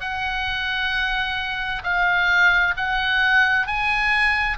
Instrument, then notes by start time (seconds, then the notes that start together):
oboe
0.00 F#5
1.83 F5
2.76 F#5
3.67 G#5